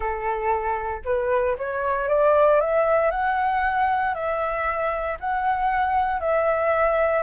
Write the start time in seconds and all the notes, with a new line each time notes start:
0.00 A4
1.05 B4
1.57 C#5
2.08 D5
2.60 E5
3.10 F#5
4.14 E5
5.20 F#5
6.20 E5